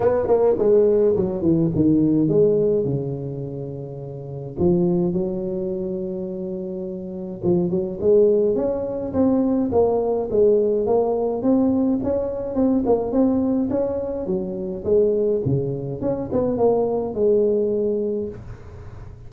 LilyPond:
\new Staff \with { instrumentName = "tuba" } { \time 4/4 \tempo 4 = 105 b8 ais8 gis4 fis8 e8 dis4 | gis4 cis2. | f4 fis2.~ | fis4 f8 fis8 gis4 cis'4 |
c'4 ais4 gis4 ais4 | c'4 cis'4 c'8 ais8 c'4 | cis'4 fis4 gis4 cis4 | cis'8 b8 ais4 gis2 | }